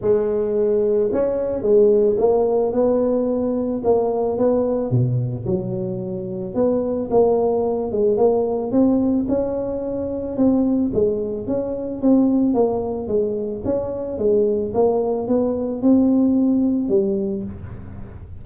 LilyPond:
\new Staff \with { instrumentName = "tuba" } { \time 4/4 \tempo 4 = 110 gis2 cis'4 gis4 | ais4 b2 ais4 | b4 b,4 fis2 | b4 ais4. gis8 ais4 |
c'4 cis'2 c'4 | gis4 cis'4 c'4 ais4 | gis4 cis'4 gis4 ais4 | b4 c'2 g4 | }